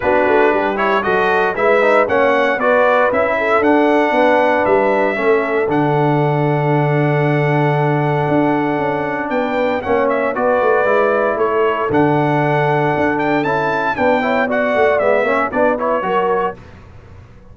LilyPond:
<<
  \new Staff \with { instrumentName = "trumpet" } { \time 4/4 \tempo 4 = 116 b'4. cis''8 dis''4 e''4 | fis''4 d''4 e''4 fis''4~ | fis''4 e''2 fis''4~ | fis''1~ |
fis''2 g''4 fis''8 e''8 | d''2 cis''4 fis''4~ | fis''4. g''8 a''4 g''4 | fis''4 e''4 d''8 cis''4. | }
  \new Staff \with { instrumentName = "horn" } { \time 4/4 fis'4 g'4 a'4 b'4 | cis''4 b'4. a'4. | b'2 a'2~ | a'1~ |
a'2 b'4 cis''4 | b'2 a'2~ | a'2. b'8 cis''8 | d''4. cis''8 b'4 ais'4 | }
  \new Staff \with { instrumentName = "trombone" } { \time 4/4 d'4. e'8 fis'4 e'8 dis'8 | cis'4 fis'4 e'4 d'4~ | d'2 cis'4 d'4~ | d'1~ |
d'2. cis'4 | fis'4 e'2 d'4~ | d'2 e'4 d'8 e'8 | fis'4 b8 cis'8 d'8 e'8 fis'4 | }
  \new Staff \with { instrumentName = "tuba" } { \time 4/4 b8 a8 g4 fis4 gis4 | ais4 b4 cis'4 d'4 | b4 g4 a4 d4~ | d1 |
d'4 cis'4 b4 ais4 | b8 a8 gis4 a4 d4~ | d4 d'4 cis'4 b4~ | b8 a8 gis8 ais8 b4 fis4 | }
>>